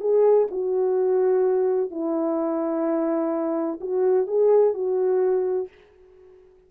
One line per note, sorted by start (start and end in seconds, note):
0.00 0.47 G#4
0.51 1.91 F#4
1.91 3.80 E4
3.80 4.27 F#4
4.27 4.74 G#4
4.74 5.68 F#4